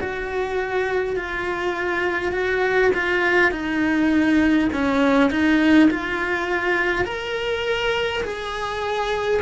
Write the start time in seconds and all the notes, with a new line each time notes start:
0.00 F#4
1.16 F4
2.32 F#4
2.94 F4
3.51 D#4
4.72 C#4
5.30 D#4
5.90 F4
7.05 A#4
8.22 G#4